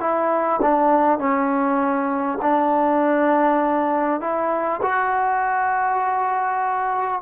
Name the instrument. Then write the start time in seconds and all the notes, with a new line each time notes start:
trombone
0.00 E4
0.61 D4
1.18 C#4
2.42 D4
4.20 E4
4.82 F#4